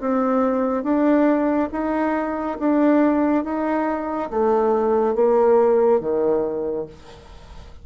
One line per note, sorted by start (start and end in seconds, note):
0.00 0.83 C4
0.83 1.69 D4
1.72 2.58 D#4
2.59 3.44 D4
3.44 4.30 D#4
4.30 5.15 A3
5.15 6.00 A#3
6.00 6.86 D#3